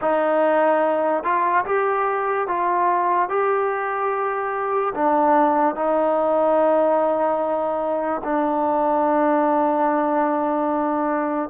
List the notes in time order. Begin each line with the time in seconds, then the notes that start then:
0.01 D#4
1.23 F4
1.65 G4
2.47 F4
3.29 G4
4.94 D4
5.75 D#4
8.24 D4